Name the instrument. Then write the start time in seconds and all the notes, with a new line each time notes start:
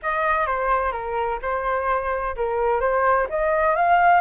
flute
0.02 D#5
0.46 C5
0.91 A#4
1.42 C5
2.36 A#4
2.80 C5
3.29 D#5
3.75 F5